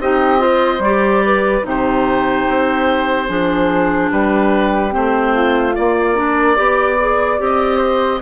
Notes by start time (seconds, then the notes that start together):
0.00 C4 D#4 G4 D#5
0.38 F4 C5
0.79 G3 D5
0.85 G4
1.25 B4
1.62 C3 D#4 G4
1.69 C5
2.48 C4
3.28 F3 D4 G#4
4.11 G3 G4 B4
4.91 A3 C4 C5
5.35 F4
5.75 A#3 D5
6.16 D4 A#4
6.56 B3 G4 D5
6.99 G#4
7.38 C4 G4 D#5
7.78 C5